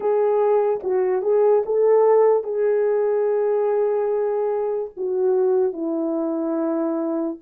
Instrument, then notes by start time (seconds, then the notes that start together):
horn
0.00 G#4
0.83 F#4
1.22 G#4
1.65 A4
2.43 G#4
4.96 F#4
5.72 E4